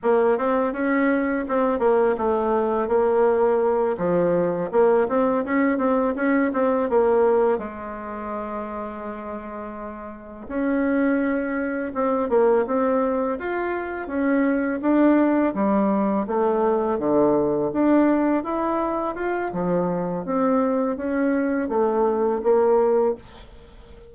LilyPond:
\new Staff \with { instrumentName = "bassoon" } { \time 4/4 \tempo 4 = 83 ais8 c'8 cis'4 c'8 ais8 a4 | ais4. f4 ais8 c'8 cis'8 | c'8 cis'8 c'8 ais4 gis4.~ | gis2~ gis8 cis'4.~ |
cis'8 c'8 ais8 c'4 f'4 cis'8~ | cis'8 d'4 g4 a4 d8~ | d8 d'4 e'4 f'8 f4 | c'4 cis'4 a4 ais4 | }